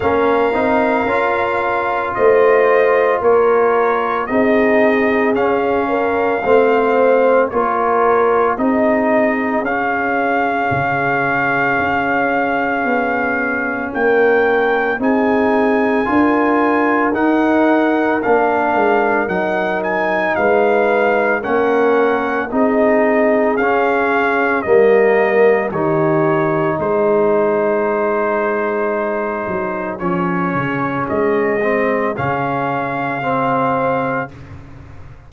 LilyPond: <<
  \new Staff \with { instrumentName = "trumpet" } { \time 4/4 \tempo 4 = 56 f''2 dis''4 cis''4 | dis''4 f''2 cis''4 | dis''4 f''2.~ | f''4 g''4 gis''2 |
fis''4 f''4 fis''8 gis''8 f''4 | fis''4 dis''4 f''4 dis''4 | cis''4 c''2. | cis''4 dis''4 f''2 | }
  \new Staff \with { instrumentName = "horn" } { \time 4/4 ais'2 c''4 ais'4 | gis'4. ais'8 c''4 ais'4 | gis'1~ | gis'4 ais'4 gis'4 ais'4~ |
ais'2. b'4 | ais'4 gis'2 ais'4 | g'4 gis'2.~ | gis'1 | }
  \new Staff \with { instrumentName = "trombone" } { \time 4/4 cis'8 dis'8 f'2. | dis'4 cis'4 c'4 f'4 | dis'4 cis'2.~ | cis'2 dis'4 f'4 |
dis'4 d'4 dis'2 | cis'4 dis'4 cis'4 ais4 | dis'1 | cis'4. c'8 cis'4 c'4 | }
  \new Staff \with { instrumentName = "tuba" } { \time 4/4 ais8 c'8 cis'4 a4 ais4 | c'4 cis'4 a4 ais4 | c'4 cis'4 cis4 cis'4 | b4 ais4 c'4 d'4 |
dis'4 ais8 gis8 fis4 gis4 | ais4 c'4 cis'4 g4 | dis4 gis2~ gis8 fis8 | f8 cis8 gis4 cis2 | }
>>